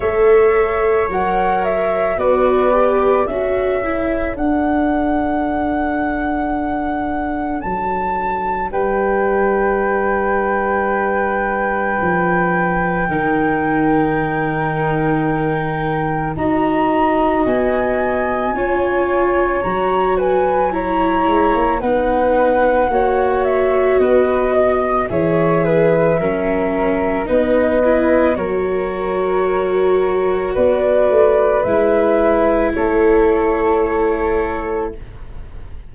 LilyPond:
<<
  \new Staff \with { instrumentName = "flute" } { \time 4/4 \tempo 4 = 55 e''4 fis''8 e''8 d''4 e''4 | fis''2. a''4 | g''1~ | g''2. ais''4 |
gis''2 ais''8 gis''8 ais''4 | fis''4. e''8 dis''4 e''4~ | e''4 dis''4 cis''2 | d''4 e''4 cis''2 | }
  \new Staff \with { instrumentName = "flute" } { \time 4/4 cis''2 b'4 a'4~ | a'1 | b'1 | ais'2. dis''4~ |
dis''4 cis''4. b'8 cis''4 | b'4 cis''4 b'8 dis''8 cis''8 b'8 | ais'4 b'4 ais'2 | b'2 a'2 | }
  \new Staff \with { instrumentName = "viola" } { \time 4/4 a'4 ais'4 fis'8 g'8 fis'8 e'8 | d'1~ | d'1 | dis'2. fis'4~ |
fis'4 f'4 fis'4 e'4 | dis'4 fis'2 gis'4 | cis'4 dis'8 e'8 fis'2~ | fis'4 e'2. | }
  \new Staff \with { instrumentName = "tuba" } { \time 4/4 a4 fis4 b4 cis'4 | d'2. fis4 | g2. f4 | dis2. dis'4 |
b4 cis'4 fis4. gis16 ais16 | b4 ais4 b4 e4 | fis4 b4 fis2 | b8 a8 gis4 a2 | }
>>